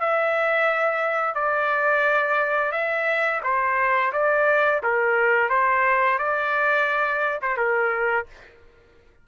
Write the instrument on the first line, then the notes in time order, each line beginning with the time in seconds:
trumpet
0.00 E5
1.34 D5
2.71 E5
3.43 C5
4.12 D5
4.83 A#4
5.49 C5
6.18 D5
7.42 C5
7.57 A#4